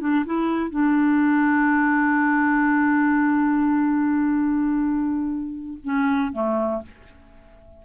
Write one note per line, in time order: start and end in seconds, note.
0.00 0.25 D4
0.25 0.70 E4
0.70 5.78 D4
5.84 6.32 C#4
6.32 6.82 A3